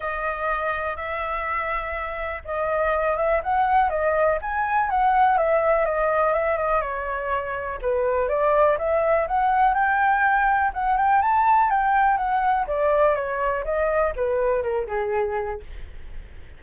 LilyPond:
\new Staff \with { instrumentName = "flute" } { \time 4/4 \tempo 4 = 123 dis''2 e''2~ | e''4 dis''4. e''8 fis''4 | dis''4 gis''4 fis''4 e''4 | dis''4 e''8 dis''8 cis''2 |
b'4 d''4 e''4 fis''4 | g''2 fis''8 g''8 a''4 | g''4 fis''4 d''4 cis''4 | dis''4 b'4 ais'8 gis'4. | }